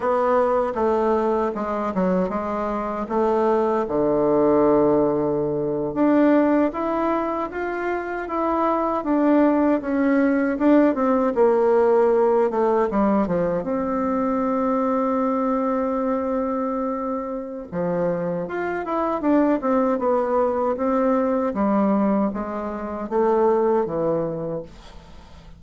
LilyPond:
\new Staff \with { instrumentName = "bassoon" } { \time 4/4 \tempo 4 = 78 b4 a4 gis8 fis8 gis4 | a4 d2~ d8. d'16~ | d'8. e'4 f'4 e'4 d'16~ | d'8. cis'4 d'8 c'8 ais4~ ais16~ |
ais16 a8 g8 f8 c'2~ c'16~ | c'2. f4 | f'8 e'8 d'8 c'8 b4 c'4 | g4 gis4 a4 e4 | }